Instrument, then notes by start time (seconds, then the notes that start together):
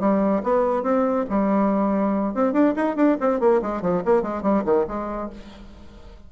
bassoon
0.00 G3
0.43 B3
0.83 C4
1.29 G3
2.34 C4
2.53 D4
2.76 D#4
2.96 D4
3.20 C4
3.40 A#3
3.62 G#3
3.81 F3
4.05 A#3
4.22 G#3
4.42 G3
4.64 D#3
4.87 G#3